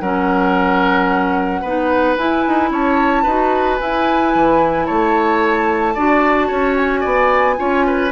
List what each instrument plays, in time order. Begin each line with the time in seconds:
0.00 bassoon F#3, clarinet C#4, oboe A#4, flute F#5
1.62 bassoon B3, clarinet D#4, oboe B4
2.17 clarinet E4, bassoon E4, flute G#5
2.48 bassoon D#4
2.71 bassoon C#4, oboe C#5, flute A5
3.23 bassoon D#4, clarinet F#4, oboe B4
3.78 clarinet E4, bassoon E4, flute G#5
4.35 bassoon E3
4.86 bassoon A3, oboe C#5, flute A5
5.94 bassoon D4, clarinet F#4, oboe D5
6.48 bassoon C#4, oboe C#5
6.77 flute G#5
7.01 bassoon B3, oboe D5
7.57 bassoon C#4, clarinet F4, oboe C#5
7.87 oboe B4